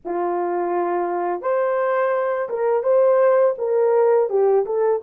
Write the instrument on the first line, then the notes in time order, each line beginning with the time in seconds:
horn
0.04 F4
1.41 C5
2.49 A#4
2.83 C5
3.58 A#4
4.29 G4
4.65 A4